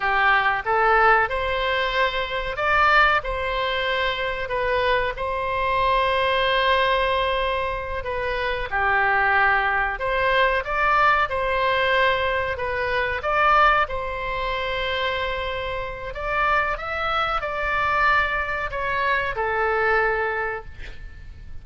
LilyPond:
\new Staff \with { instrumentName = "oboe" } { \time 4/4 \tempo 4 = 93 g'4 a'4 c''2 | d''4 c''2 b'4 | c''1~ | c''8 b'4 g'2 c''8~ |
c''8 d''4 c''2 b'8~ | b'8 d''4 c''2~ c''8~ | c''4 d''4 e''4 d''4~ | d''4 cis''4 a'2 | }